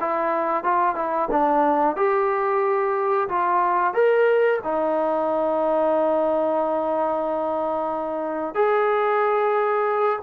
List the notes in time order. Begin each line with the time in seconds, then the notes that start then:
0.00 E4
0.64 F4
0.95 E4
1.31 D4
1.96 G4
3.28 F4
3.94 A#4
4.63 D#4
8.54 G#4